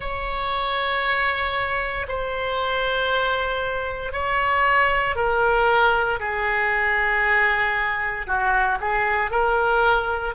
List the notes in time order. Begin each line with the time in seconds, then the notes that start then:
0.00 C#5
2.08 C5
4.12 C#5
5.15 A#4
6.19 G#4
8.26 F#4
8.80 G#4
9.31 A#4